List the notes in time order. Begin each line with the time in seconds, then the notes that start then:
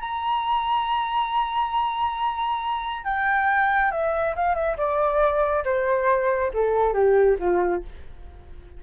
0.00 A#5
3.04 G5
3.91 E5
4.35 F5
4.55 E5
4.77 D5
5.64 C5
6.53 A4
6.93 G4
7.39 F4